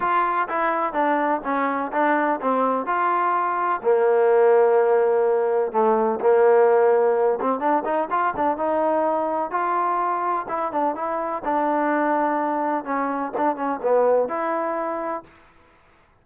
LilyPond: \new Staff \with { instrumentName = "trombone" } { \time 4/4 \tempo 4 = 126 f'4 e'4 d'4 cis'4 | d'4 c'4 f'2 | ais1 | a4 ais2~ ais8 c'8 |
d'8 dis'8 f'8 d'8 dis'2 | f'2 e'8 d'8 e'4 | d'2. cis'4 | d'8 cis'8 b4 e'2 | }